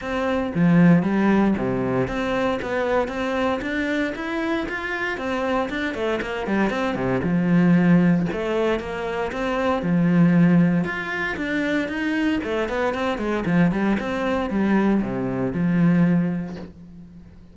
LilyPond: \new Staff \with { instrumentName = "cello" } { \time 4/4 \tempo 4 = 116 c'4 f4 g4 c4 | c'4 b4 c'4 d'4 | e'4 f'4 c'4 d'8 a8 | ais8 g8 c'8 c8 f2 |
a4 ais4 c'4 f4~ | f4 f'4 d'4 dis'4 | a8 b8 c'8 gis8 f8 g8 c'4 | g4 c4 f2 | }